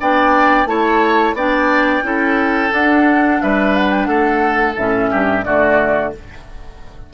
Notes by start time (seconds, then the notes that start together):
0.00 B3 D4 D5 G5
0.65 A3 E4 C#5 A5
1.34 B3 D4 D5 G5
2.02 C#4 E4 A4
2.70 D4 F#5
3.42 G3 B4 E5
3.75 F#5
3.91 G5
4.05 A3 A4 F#5
4.77 A2 C#4 E5
5.11 G2 G4
5.44 D3 A3 F#4 D5